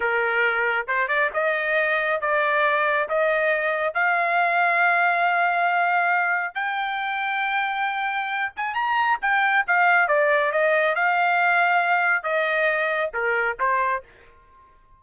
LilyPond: \new Staff \with { instrumentName = "trumpet" } { \time 4/4 \tempo 4 = 137 ais'2 c''8 d''8 dis''4~ | dis''4 d''2 dis''4~ | dis''4 f''2.~ | f''2. g''4~ |
g''2.~ g''8 gis''8 | ais''4 g''4 f''4 d''4 | dis''4 f''2. | dis''2 ais'4 c''4 | }